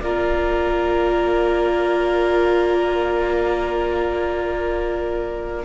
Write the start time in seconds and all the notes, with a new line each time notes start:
0.00 A#3 F4 A#4 D5